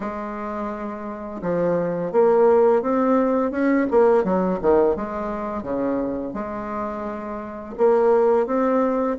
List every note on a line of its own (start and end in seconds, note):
0.00 1.41 G#3
1.41 2.12 F3
2.12 2.82 A#3
2.82 3.51 C4
3.51 3.86 C#4
3.90 4.24 A#3
4.24 4.59 F#3
4.61 4.96 D#3
4.96 5.62 G#3
5.62 6.33 C#3
6.33 7.75 G#3
7.77 8.46 A#3
8.46 9.17 C4